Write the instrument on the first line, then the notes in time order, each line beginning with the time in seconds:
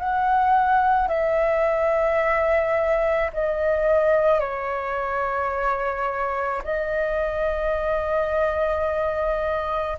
flute
0.00 F#5
1.09 E5
3.34 D#5
4.40 C#5
6.65 D#5